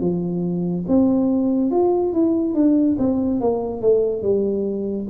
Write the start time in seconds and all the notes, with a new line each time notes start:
0.00 F3
0.88 C4
1.71 F4
2.13 E4
2.54 D4
2.98 C4
3.40 A#3
3.81 A3
4.22 G3